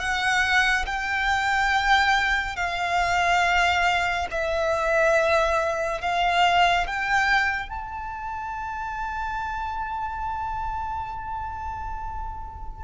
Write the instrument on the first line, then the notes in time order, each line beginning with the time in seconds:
violin
0.00 F#5
0.86 G5
2.56 F5
4.31 E5
6.02 F5
6.87 G5
7.69 A5